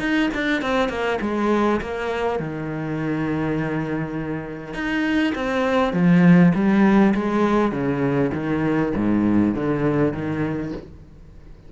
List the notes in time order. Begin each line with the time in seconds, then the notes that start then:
0.00 D#4
0.35 D4
0.62 C4
0.89 A#3
1.22 G#3
1.81 A#3
2.40 D#3
4.74 D#4
5.35 C4
5.94 F3
6.55 G3
7.15 G#3
7.72 C#3
8.34 D#3
8.96 G#2
9.55 D3
10.13 D#3